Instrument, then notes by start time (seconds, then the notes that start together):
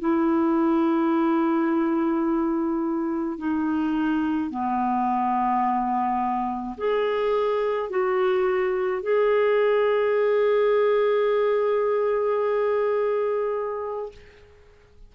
clarinet
0.00 E4
3.39 D#4
4.51 B3
6.78 G#4
7.90 F#4
9.03 G#4